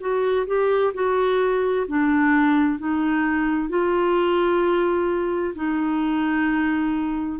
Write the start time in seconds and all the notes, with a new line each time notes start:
0.00 F#4
0.47 G4
0.94 F#4
1.88 D4
2.79 D#4
3.69 F4
5.55 D#4